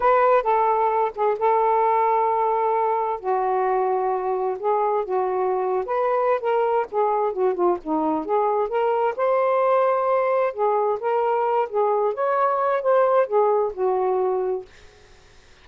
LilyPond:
\new Staff \with { instrumentName = "saxophone" } { \time 4/4 \tempo 4 = 131 b'4 a'4. gis'8 a'4~ | a'2. fis'4~ | fis'2 gis'4 fis'4~ | fis'8. b'4~ b'16 ais'4 gis'4 |
fis'8 f'8 dis'4 gis'4 ais'4 | c''2. gis'4 | ais'4. gis'4 cis''4. | c''4 gis'4 fis'2 | }